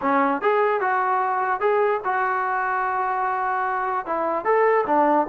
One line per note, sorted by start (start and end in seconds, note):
0.01 0.41 C#4
0.41 0.80 G#4
0.80 1.60 F#4
1.60 2.00 G#4
2.04 4.06 F#4
4.06 4.44 E4
4.44 4.85 A4
4.86 5.26 D4